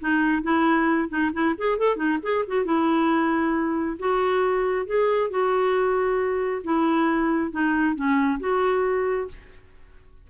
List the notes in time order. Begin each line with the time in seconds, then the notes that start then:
0.00 D#4
0.42 E4
1.08 D#4
1.33 E4
1.57 G#4
1.78 A4
1.96 D#4
2.22 G#4
2.47 F#4
2.65 E4
3.99 F#4
4.86 G#4
5.30 F#4
6.64 E4
7.51 D#4
7.95 C#4
8.40 F#4